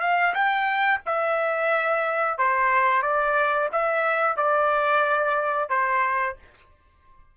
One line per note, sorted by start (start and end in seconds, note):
0.00 0.33 F5
0.34 1.00 G5
1.05 2.38 E5
2.38 3.02 C5
3.02 3.68 D5
3.72 4.36 E5
4.36 5.69 D5
5.69 6.36 C5